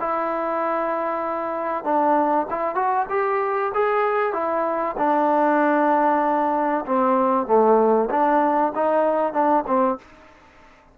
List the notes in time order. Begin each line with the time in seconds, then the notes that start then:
0.00 E4
1.84 D4
2.50 E4
2.75 F#4
3.10 G4
3.74 G#4
4.33 E4
4.98 D4
6.86 C4
7.47 A3
8.10 D4
8.75 D#4
9.33 D4
9.67 C4